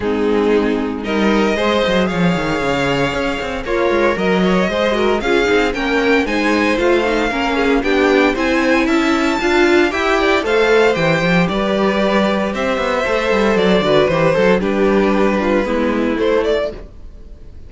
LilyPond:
<<
  \new Staff \with { instrumentName = "violin" } { \time 4/4 \tempo 4 = 115 gis'2 dis''2 | f''2. cis''4 | dis''2 f''4 g''4 | gis''4 f''2 g''4 |
gis''4 a''2 g''4 | f''4 g''4 d''2 | e''2 d''4 c''4 | b'2. c''8 d''8 | }
  \new Staff \with { instrumentName = "violin" } { \time 4/4 dis'2 ais'4 c''4 | cis''2. f'4 | ais'8 cis''8 c''8 ais'8 gis'4 ais'4 | c''2 ais'8 gis'8 g'4 |
c''4 e''4 f''4 e''8 d''8 | c''2 b'2 | c''2~ c''8 b'4 a'8 | g'4. f'8 e'2 | }
  \new Staff \with { instrumentName = "viola" } { \time 4/4 c'2 dis'4 gis'4~ | gis'2. ais'4~ | ais'4 gis'8 fis'8 f'8 dis'8 cis'4 | dis'4 f'8 dis'8 cis'4 d'4 |
e'2 f'4 g'4 | a'4 g'2.~ | g'4 a'4. fis'8 g'8 a'8 | d'2 b4 a4 | }
  \new Staff \with { instrumentName = "cello" } { \time 4/4 gis2 g4 gis8 fis8 | f8 dis8 cis4 cis'8 c'8 ais8 gis8 | fis4 gis4 cis'8 c'8 ais4 | gis4 a4 ais4 b4 |
c'4 cis'4 d'4 e'4 | a4 e8 f8 g2 | c'8 b8 a8 g8 fis8 d8 e8 fis8 | g2 gis4 a4 | }
>>